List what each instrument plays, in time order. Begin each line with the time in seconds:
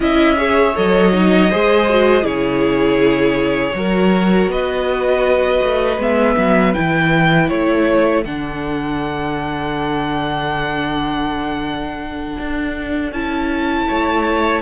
0.00 cello C#4, viola E4, violin D#5 E5
0.37 viola G#4, violin C#5
0.74 cello F#3, viola A4, violin D#5
1.12 viola D#4
1.50 cello G#3, viola G#4, violin C5
1.88 viola F#4
2.21 cello C#3, viola E4, violin G#4 C#5
3.72 cello F#3, viola F#4, violin A#4
4.47 cello B3, violin B4 D#5
5.63 cello A3
5.97 cello G#3, viola B3, violin E5
6.37 cello F#3
6.74 cello E3, viola E4, violin G5
7.49 cello A3, violin A4 C#5
8.24 cello D3, viola D4, violin F#5
12.38 cello D4
13.11 cello C#4, viola E4, violin A5
13.88 cello A3, violin C#5